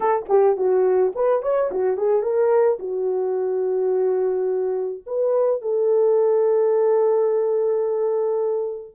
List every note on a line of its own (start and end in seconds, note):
0.00 0.26 A4
0.28 0.56 G4
0.56 1.12 F#4
1.15 1.42 B4
1.42 1.70 C#5
1.71 1.97 F#4
1.97 2.22 G#4
2.22 2.78 A#4
2.79 5.03 F#4
5.06 5.61 B4
5.61 8.94 A4